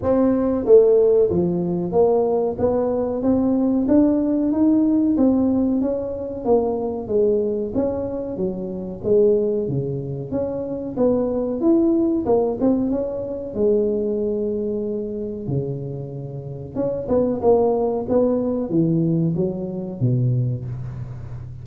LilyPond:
\new Staff \with { instrumentName = "tuba" } { \time 4/4 \tempo 4 = 93 c'4 a4 f4 ais4 | b4 c'4 d'4 dis'4 | c'4 cis'4 ais4 gis4 | cis'4 fis4 gis4 cis4 |
cis'4 b4 e'4 ais8 c'8 | cis'4 gis2. | cis2 cis'8 b8 ais4 | b4 e4 fis4 b,4 | }